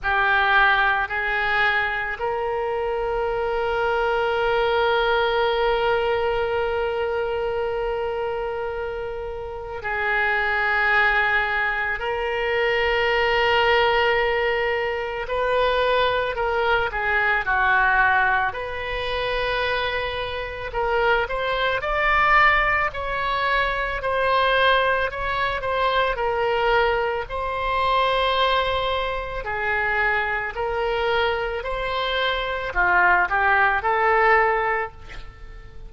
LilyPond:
\new Staff \with { instrumentName = "oboe" } { \time 4/4 \tempo 4 = 55 g'4 gis'4 ais'2~ | ais'1~ | ais'4 gis'2 ais'4~ | ais'2 b'4 ais'8 gis'8 |
fis'4 b'2 ais'8 c''8 | d''4 cis''4 c''4 cis''8 c''8 | ais'4 c''2 gis'4 | ais'4 c''4 f'8 g'8 a'4 | }